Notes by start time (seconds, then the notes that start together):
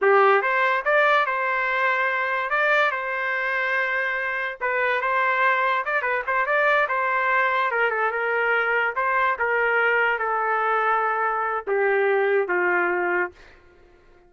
0.01 G4
0.41 C5
0.84 D5
1.26 C5
2.50 D5
2.91 C5
4.60 B4
5.01 C5
5.85 D5
6.02 B4
6.26 C5
6.46 D5
6.88 C5
7.71 A#4
7.90 A4
8.11 A#4
8.95 C5
9.38 A#4
10.18 A4
11.67 G4
12.48 F4